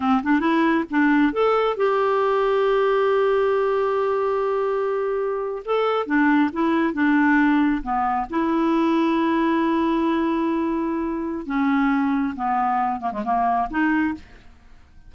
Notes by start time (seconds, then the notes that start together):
0.00 C4
0.23 D4
0.40 E4
0.90 D4
1.32 A4
1.76 G4
5.65 A4
6.06 D4
6.52 E4
6.93 D4
7.82 B3
8.30 E4
11.46 C#4
12.35 B3
13.00 A#3
13.12 G#3
13.24 A#3
13.70 D#4